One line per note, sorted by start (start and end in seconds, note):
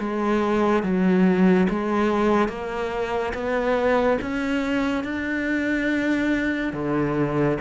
0.00 0.83 G#3
0.83 1.68 F#3
1.70 2.49 G#3
2.49 3.33 A#3
3.34 4.19 B3
4.22 5.04 C#4
5.04 6.73 D4
6.74 7.58 D3